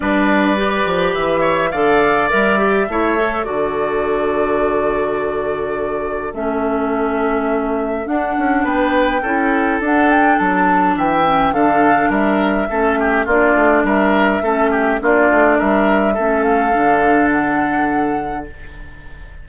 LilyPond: <<
  \new Staff \with { instrumentName = "flute" } { \time 4/4 \tempo 4 = 104 d''2 e''4 f''4 | e''2 d''2~ | d''2. e''4~ | e''2 fis''4 g''4~ |
g''4 fis''8 g''8 a''4 g''4 | f''4 e''2 d''4 | e''2 d''4 e''4~ | e''8 f''4. fis''2 | }
  \new Staff \with { instrumentName = "oboe" } { \time 4/4 b'2~ b'8 cis''8 d''4~ | d''4 cis''4 a'2~ | a'1~ | a'2. b'4 |
a'2. e''4 | a'4 ais'4 a'8 g'8 f'4 | ais'4 a'8 g'8 f'4 ais'4 | a'1 | }
  \new Staff \with { instrumentName = "clarinet" } { \time 4/4 d'4 g'2 a'4 | ais'8 g'8 e'8 a'8 fis'2~ | fis'2. cis'4~ | cis'2 d'2 |
e'4 d'2~ d'8 cis'8 | d'2 cis'4 d'4~ | d'4 cis'4 d'2 | cis'4 d'2. | }
  \new Staff \with { instrumentName = "bassoon" } { \time 4/4 g4. f8 e4 d4 | g4 a4 d2~ | d2. a4~ | a2 d'8 cis'8 b4 |
cis'4 d'4 fis4 e4 | d4 g4 a4 ais8 a8 | g4 a4 ais8 a8 g4 | a4 d2. | }
>>